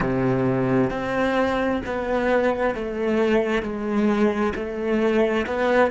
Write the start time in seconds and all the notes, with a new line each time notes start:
0.00 C3
0.90 C4
1.85 B3
2.74 A3
3.62 G#3
4.55 A3
5.46 B3